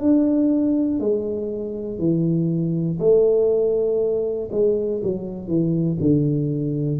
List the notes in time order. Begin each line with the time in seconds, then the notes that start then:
0.00 D4
1.00 G#3
1.98 E3
2.99 A3
4.51 G#3
5.03 F#3
5.48 E3
6.00 D3